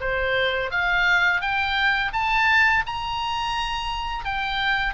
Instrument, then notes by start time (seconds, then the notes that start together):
oboe
0.00 C5
0.71 F5
1.41 G5
2.13 A5
2.86 A#5
4.25 G5